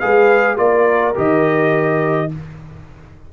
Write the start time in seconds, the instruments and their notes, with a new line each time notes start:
0.00 tuba G#3, trombone G#4, horn B4, trumpet F5
0.57 tuba A#3, trombone F4, horn A#4, trumpet D5
1.15 tuba D#3, trombone G4, trumpet D#5